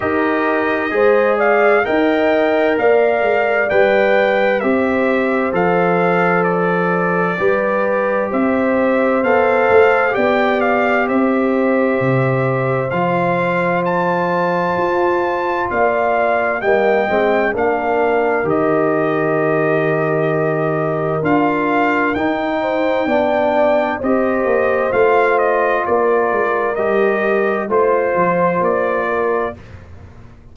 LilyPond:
<<
  \new Staff \with { instrumentName = "trumpet" } { \time 4/4 \tempo 4 = 65 dis''4. f''8 g''4 f''4 | g''4 e''4 f''4 d''4~ | d''4 e''4 f''4 g''8 f''8 | e''2 f''4 a''4~ |
a''4 f''4 g''4 f''4 | dis''2. f''4 | g''2 dis''4 f''8 dis''8 | d''4 dis''4 c''4 d''4 | }
  \new Staff \with { instrumentName = "horn" } { \time 4/4 ais'4 c''8 d''8 dis''4 d''4~ | d''4 c''2. | b'4 c''2 d''4 | c''1~ |
c''4 d''4 dis''4 ais'4~ | ais'1~ | ais'8 c''8 d''4 c''2 | ais'2 c''4. ais'8 | }
  \new Staff \with { instrumentName = "trombone" } { \time 4/4 g'4 gis'4 ais'2 | b'4 g'4 a'2 | g'2 a'4 g'4~ | g'2 f'2~ |
f'2 ais8 c'8 d'4 | g'2. f'4 | dis'4 d'4 g'4 f'4~ | f'4 g'4 f'2 | }
  \new Staff \with { instrumentName = "tuba" } { \time 4/4 dis'4 gis4 dis'4 ais8 gis8 | g4 c'4 f2 | g4 c'4 b8 a8 b4 | c'4 c4 f2 |
f'4 ais4 g8 gis8 ais4 | dis2. d'4 | dis'4 b4 c'8 ais8 a4 | ais8 gis8 g4 a8 f8 ais4 | }
>>